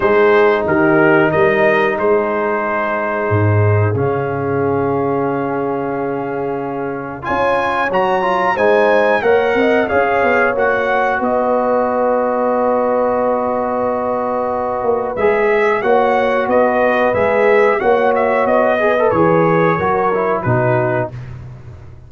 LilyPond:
<<
  \new Staff \with { instrumentName = "trumpet" } { \time 4/4 \tempo 4 = 91 c''4 ais'4 dis''4 c''4~ | c''2 f''2~ | f''2. gis''4 | ais''4 gis''4 fis''4 f''4 |
fis''4 dis''2.~ | dis''2. e''4 | fis''4 dis''4 e''4 fis''8 e''8 | dis''4 cis''2 b'4 | }
  \new Staff \with { instrumentName = "horn" } { \time 4/4 gis'4 g'4 ais'4 gis'4~ | gis'1~ | gis'2. cis''4~ | cis''4 c''4 cis''8 dis''8 cis''4~ |
cis''4 b'2.~ | b'1 | cis''4 b'2 cis''4~ | cis''8 b'4. ais'4 fis'4 | }
  \new Staff \with { instrumentName = "trombone" } { \time 4/4 dis'1~ | dis'2 cis'2~ | cis'2. f'4 | fis'8 f'8 dis'4 ais'4 gis'4 |
fis'1~ | fis'2. gis'4 | fis'2 gis'4 fis'4~ | fis'8 gis'16 a'16 gis'4 fis'8 e'8 dis'4 | }
  \new Staff \with { instrumentName = "tuba" } { \time 4/4 gis4 dis4 g4 gis4~ | gis4 gis,4 cis2~ | cis2. cis'4 | fis4 gis4 ais8 c'8 cis'8 b8 |
ais4 b2.~ | b2~ b8 ais8 gis4 | ais4 b4 gis4 ais4 | b4 e4 fis4 b,4 | }
>>